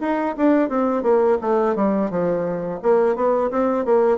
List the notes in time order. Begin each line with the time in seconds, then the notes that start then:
0.00 D#4
0.37 D4
0.69 C4
1.02 A#3
1.41 A3
1.75 G3
2.10 F3
2.82 A#3
3.15 B3
3.50 C4
3.85 A#3